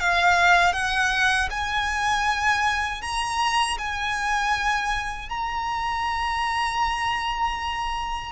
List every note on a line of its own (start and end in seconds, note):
0.00 0.73 F5
0.73 1.49 F#5
1.51 3.01 G#5
3.01 3.77 A#5
3.78 5.29 G#5
5.29 8.32 A#5